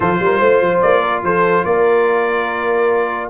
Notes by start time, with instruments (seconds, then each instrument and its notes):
0.00 tuba F3, trombone F4, horn A4, trumpet C5
0.19 tuba G3, horn A#4
0.39 tuba A3, horn C5
0.61 tuba F3
0.81 tuba A#3, trumpet D5
1.01 horn A#4
1.22 tuba F3, horn A4, trumpet C5
1.65 tuba A#3, horn A#4, trumpet D5